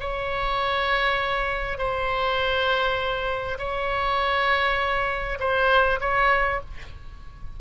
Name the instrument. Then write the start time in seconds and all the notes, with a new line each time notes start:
oboe
0.00 C#5
1.78 C5
3.58 C#5
5.39 C5
6.01 C#5